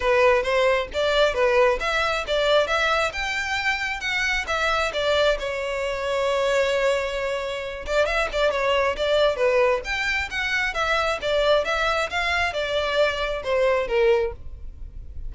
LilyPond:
\new Staff \with { instrumentName = "violin" } { \time 4/4 \tempo 4 = 134 b'4 c''4 d''4 b'4 | e''4 d''4 e''4 g''4~ | g''4 fis''4 e''4 d''4 | cis''1~ |
cis''4. d''8 e''8 d''8 cis''4 | d''4 b'4 g''4 fis''4 | e''4 d''4 e''4 f''4 | d''2 c''4 ais'4 | }